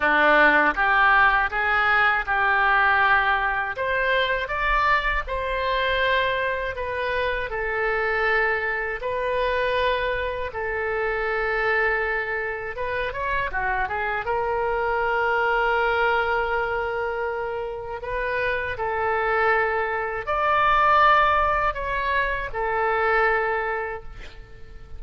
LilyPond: \new Staff \with { instrumentName = "oboe" } { \time 4/4 \tempo 4 = 80 d'4 g'4 gis'4 g'4~ | g'4 c''4 d''4 c''4~ | c''4 b'4 a'2 | b'2 a'2~ |
a'4 b'8 cis''8 fis'8 gis'8 ais'4~ | ais'1 | b'4 a'2 d''4~ | d''4 cis''4 a'2 | }